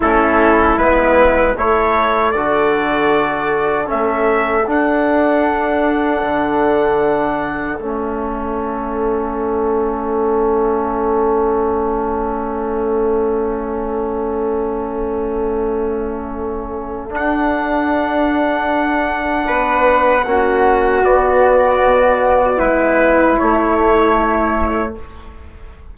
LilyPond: <<
  \new Staff \with { instrumentName = "trumpet" } { \time 4/4 \tempo 4 = 77 a'4 b'4 cis''4 d''4~ | d''4 e''4 fis''2~ | fis''2 e''2~ | e''1~ |
e''1~ | e''2 fis''2~ | fis''2. d''4~ | d''4 b'4 cis''2 | }
  \new Staff \with { instrumentName = "flute" } { \time 4/4 e'2 a'2~ | a'1~ | a'1~ | a'1~ |
a'1~ | a'1~ | a'4 b'4 fis'2~ | fis'4 e'2. | }
  \new Staff \with { instrumentName = "trombone" } { \time 4/4 cis'4 b4 e'4 fis'4~ | fis'4 cis'4 d'2~ | d'2 cis'2~ | cis'1~ |
cis'1~ | cis'2 d'2~ | d'2 cis'4 b4~ | b2 a2 | }
  \new Staff \with { instrumentName = "bassoon" } { \time 4/4 a4 gis4 a4 d4~ | d4 a4 d'2 | d2 a2~ | a1~ |
a1~ | a2 d'2~ | d'4 b4 ais4 b4 | b,4 gis4 a2 | }
>>